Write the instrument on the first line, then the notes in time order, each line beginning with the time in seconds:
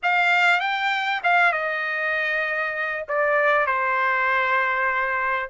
trumpet
0.03 F5
0.60 G5
1.23 F5
1.52 D#5
3.08 D5
3.66 C5